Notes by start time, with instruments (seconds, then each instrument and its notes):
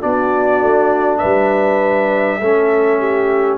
0.00 tuba B3, trombone D4, horn F#4, trumpet D5
0.61 tuba A3
1.18 horn B4, trumpet E5
1.24 tuba G3
2.40 tuba A3, trombone C#4, horn A4
2.99 horn G4